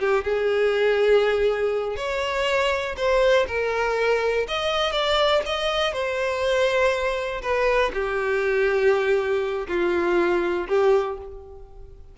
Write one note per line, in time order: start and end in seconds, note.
0.00 0.24 G4
0.24 1.97 G#4
1.97 2.96 C#5
2.97 3.46 C5
3.48 4.47 A#4
4.48 4.92 D#5
4.92 5.42 D5
5.46 5.93 D#5
5.93 7.42 C5
7.42 7.92 B4
7.94 9.67 G4
9.68 10.67 F4
10.68 11.18 G4